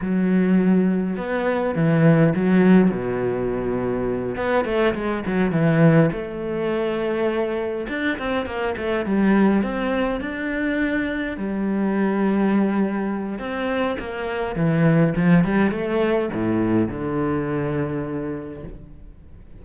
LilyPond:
\new Staff \with { instrumentName = "cello" } { \time 4/4 \tempo 4 = 103 fis2 b4 e4 | fis4 b,2~ b,8 b8 | a8 gis8 fis8 e4 a4.~ | a4. d'8 c'8 ais8 a8 g8~ |
g8 c'4 d'2 g8~ | g2. c'4 | ais4 e4 f8 g8 a4 | a,4 d2. | }